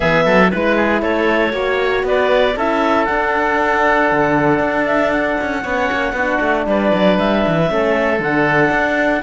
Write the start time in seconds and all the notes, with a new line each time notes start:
0.00 E3 B3 G#4 E5
0.24 F#3 A4
0.50 G#3 E4 B4
0.76 G#4
1.01 A3 A4 C#5
1.51 A#3 F#4 C#5
2.03 B3 B4 D5
2.56 C#4 E4 A4 E5
3.05 D4 F#5
4.11 D3
4.59 D4
4.85 E5
5.11 F#5
5.41 C#4
5.62 B3 C#4 C#5
5.91 A#3
6.12 B3 D4 F#4
6.40 A3
6.66 G3 B4 D5
6.93 F#3
7.18 G3 E5
7.46 E3
7.67 A3 C#4 A4
8.19 D3 D4 F#5
8.70 D4